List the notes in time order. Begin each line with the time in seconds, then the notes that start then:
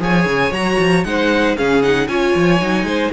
0.00 F3 G#4 C#5 G#5
0.25 C#3
0.51 F#3 F#4 A#5
0.79 F3
1.04 G#3 D#4 C5 F#5
1.56 C#3 C#4 G#4 F5
1.82 D#4 F#5
2.07 C#4 F4 C#5 G#5
2.35 F3
2.60 F#3 D#4
2.83 G#3 C5